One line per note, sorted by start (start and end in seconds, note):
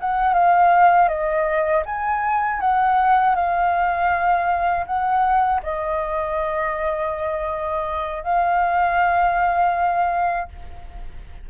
0.00 0.34 F#5
0.34 1.08 F5
1.08 1.83 D#5
1.85 2.60 G#5
2.60 3.35 F#5
3.35 4.85 F5
4.86 5.61 F#5
5.63 8.23 D#5
8.23 10.48 F5